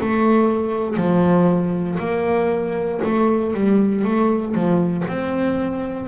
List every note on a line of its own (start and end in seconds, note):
0.00 0.97 A3
0.97 1.98 F3
1.99 3.01 A#3
3.04 3.54 A3
3.54 4.04 G3
4.04 4.55 A3
4.55 5.06 F3
5.08 6.08 C4